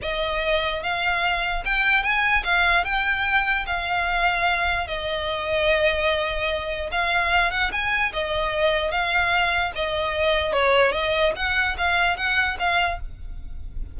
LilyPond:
\new Staff \with { instrumentName = "violin" } { \time 4/4 \tempo 4 = 148 dis''2 f''2 | g''4 gis''4 f''4 g''4~ | g''4 f''2. | dis''1~ |
dis''4 f''4. fis''8 gis''4 | dis''2 f''2 | dis''2 cis''4 dis''4 | fis''4 f''4 fis''4 f''4 | }